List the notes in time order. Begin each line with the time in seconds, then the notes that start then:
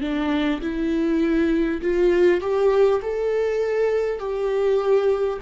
0.00 D4
0.61 E4
1.81 F4
2.41 G4
3.02 A4
4.19 G4